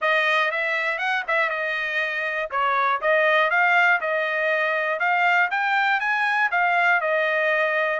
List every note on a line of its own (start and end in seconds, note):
0.01 0.51 D#5
0.51 0.98 E5
0.98 1.23 F#5
1.27 1.49 E5
1.49 2.49 D#5
2.50 3.00 C#5
3.01 3.50 D#5
3.50 4.00 F5
4.00 4.99 D#5
4.99 5.49 F5
5.50 6.00 G5
6.00 6.50 G#5
6.51 7.00 F5
7.00 8.00 D#5